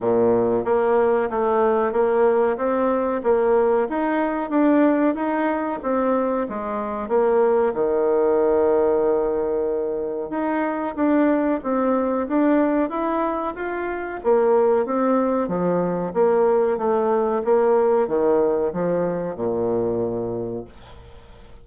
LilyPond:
\new Staff \with { instrumentName = "bassoon" } { \time 4/4 \tempo 4 = 93 ais,4 ais4 a4 ais4 | c'4 ais4 dis'4 d'4 | dis'4 c'4 gis4 ais4 | dis1 |
dis'4 d'4 c'4 d'4 | e'4 f'4 ais4 c'4 | f4 ais4 a4 ais4 | dis4 f4 ais,2 | }